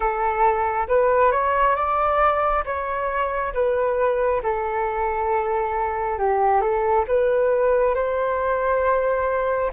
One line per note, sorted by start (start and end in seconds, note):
0.00 0.87 A4
0.88 1.31 B4
1.31 1.75 C#5
1.75 2.64 D5
2.65 3.53 C#5
3.53 4.41 B4
4.42 6.18 A4
6.18 6.61 G4
6.61 7.05 A4
7.07 7.95 B4
7.95 9.71 C5